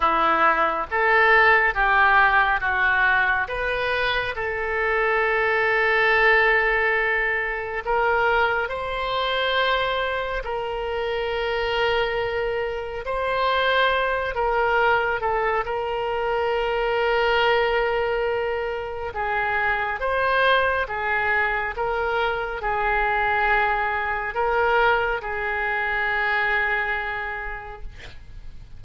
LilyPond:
\new Staff \with { instrumentName = "oboe" } { \time 4/4 \tempo 4 = 69 e'4 a'4 g'4 fis'4 | b'4 a'2.~ | a'4 ais'4 c''2 | ais'2. c''4~ |
c''8 ais'4 a'8 ais'2~ | ais'2 gis'4 c''4 | gis'4 ais'4 gis'2 | ais'4 gis'2. | }